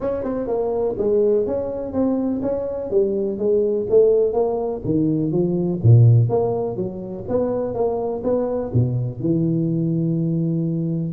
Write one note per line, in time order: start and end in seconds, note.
0.00 0.23 C#4
0.23 0.47 C4
0.47 0.95 A#3
0.97 1.46 G#3
1.46 1.92 C#4
1.92 2.41 C4
2.42 2.90 C#4
2.90 3.38 G3
3.38 3.86 G#3
3.89 4.33 A3
4.33 4.81 A#3
4.84 5.31 D#3
5.31 5.80 F3
5.82 6.29 A#2
6.29 6.76 A#3
6.76 7.24 F#3
7.28 7.74 B3
7.74 8.23 A#3
8.23 8.72 B3
8.73 9.20 B2
9.20 11.13 E3